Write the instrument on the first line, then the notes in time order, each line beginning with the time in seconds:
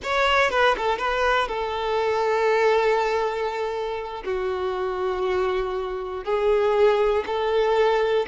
violin
0.03 C#5
0.50 B4
0.77 A4
0.98 B4
1.47 A4
4.24 F#4
6.24 G#4
7.26 A4